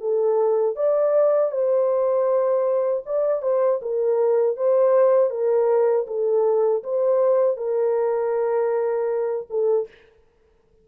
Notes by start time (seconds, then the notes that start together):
0.00 A4
0.76 D5
1.51 C5
3.06 D5
3.42 C5
3.82 A#4
4.56 C5
5.30 A#4
6.07 A4
6.84 C5
7.57 A#4
9.50 A4